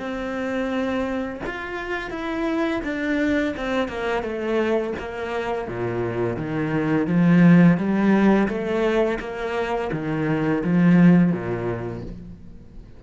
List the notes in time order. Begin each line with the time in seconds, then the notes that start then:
0.00 C4
1.47 F4
2.11 E4
2.84 D4
3.57 C4
3.89 A#3
4.23 A3
4.99 A#3
5.68 A#2
6.37 D#3
7.07 F3
7.78 G3
8.48 A3
9.20 A#3
9.93 D#3
10.64 F3
11.33 A#2